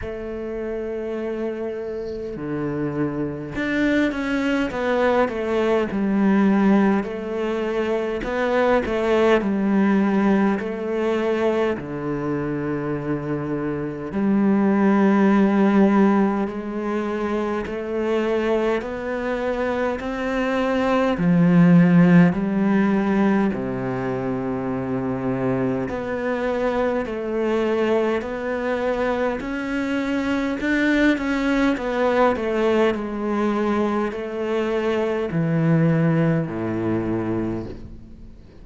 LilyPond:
\new Staff \with { instrumentName = "cello" } { \time 4/4 \tempo 4 = 51 a2 d4 d'8 cis'8 | b8 a8 g4 a4 b8 a8 | g4 a4 d2 | g2 gis4 a4 |
b4 c'4 f4 g4 | c2 b4 a4 | b4 cis'4 d'8 cis'8 b8 a8 | gis4 a4 e4 a,4 | }